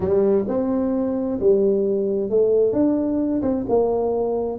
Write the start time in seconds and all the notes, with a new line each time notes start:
0.00 G3
0.47 C4
1.39 G3
2.30 A3
2.72 D4
3.42 C4
3.68 A#3